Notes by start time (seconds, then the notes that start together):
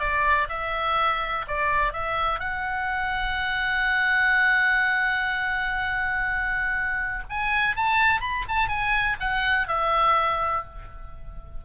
0.00 D5
0.49 E5
1.48 D5
1.93 E5
2.40 F#5
7.30 G#5
7.76 A5
8.21 B5
8.49 A5
8.69 G#5
9.20 F#5
9.68 E5